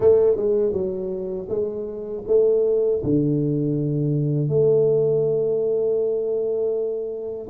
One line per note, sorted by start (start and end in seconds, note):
0.00 0.36 A3
0.36 0.72 G#3
0.72 1.47 F#3
1.49 2.24 G#3
2.27 3.02 A3
3.03 4.48 D3
4.48 7.48 A3